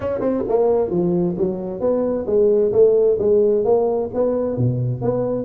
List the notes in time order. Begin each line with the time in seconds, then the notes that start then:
0.00 C#4
0.20 C4
0.48 A#3
0.90 F3
1.37 F#3
1.80 B3
2.26 G#3
2.72 A3
3.18 G#3
3.64 A#3
4.14 B3
4.57 B2
5.01 B3